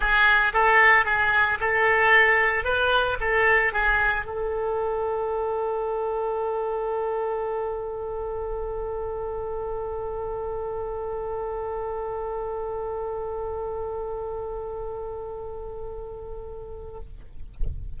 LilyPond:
\new Staff \with { instrumentName = "oboe" } { \time 4/4 \tempo 4 = 113 gis'4 a'4 gis'4 a'4~ | a'4 b'4 a'4 gis'4 | a'1~ | a'1~ |
a'1~ | a'1~ | a'1~ | a'1 | }